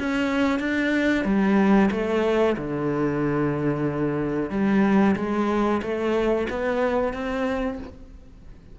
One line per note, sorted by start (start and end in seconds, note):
0.00 0.60 C#4
0.60 1.25 D4
1.25 1.90 G3
1.92 2.57 A3
2.58 4.51 D3
4.51 5.16 G3
5.16 5.82 G#3
5.83 6.48 A3
6.50 7.14 B3
7.14 7.79 C4